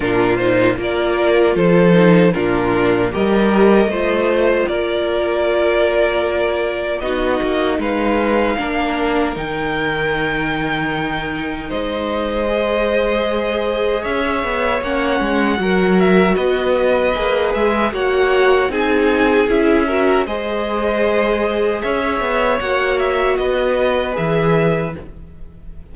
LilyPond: <<
  \new Staff \with { instrumentName = "violin" } { \time 4/4 \tempo 4 = 77 ais'8 c''8 d''4 c''4 ais'4 | dis''2 d''2~ | d''4 dis''4 f''2 | g''2. dis''4~ |
dis''2 e''4 fis''4~ | fis''8 e''8 dis''4. e''8 fis''4 | gis''4 e''4 dis''2 | e''4 fis''8 e''8 dis''4 e''4 | }
  \new Staff \with { instrumentName = "violin" } { \time 4/4 f'4 ais'4 a'4 f'4 | ais'4 c''4 ais'2~ | ais'4 fis'4 b'4 ais'4~ | ais'2. c''4~ |
c''2 cis''2 | ais'4 b'2 cis''4 | gis'4. ais'8 c''2 | cis''2 b'2 | }
  \new Staff \with { instrumentName = "viola" } { \time 4/4 d'8 dis'8 f'4. dis'8 d'4 | g'4 f'2.~ | f'4 dis'2 d'4 | dis'1 |
gis'2. cis'4 | fis'2 gis'4 fis'4 | dis'4 e'8 fis'8 gis'2~ | gis'4 fis'2 gis'4 | }
  \new Staff \with { instrumentName = "cello" } { \time 4/4 ais,4 ais4 f4 ais,4 | g4 a4 ais2~ | ais4 b8 ais8 gis4 ais4 | dis2. gis4~ |
gis2 cis'8 b8 ais8 gis8 | fis4 b4 ais8 gis8 ais4 | c'4 cis'4 gis2 | cis'8 b8 ais4 b4 e4 | }
>>